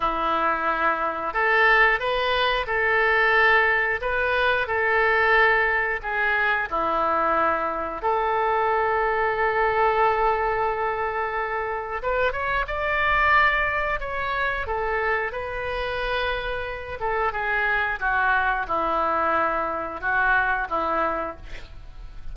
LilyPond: \new Staff \with { instrumentName = "oboe" } { \time 4/4 \tempo 4 = 90 e'2 a'4 b'4 | a'2 b'4 a'4~ | a'4 gis'4 e'2 | a'1~ |
a'2 b'8 cis''8 d''4~ | d''4 cis''4 a'4 b'4~ | b'4. a'8 gis'4 fis'4 | e'2 fis'4 e'4 | }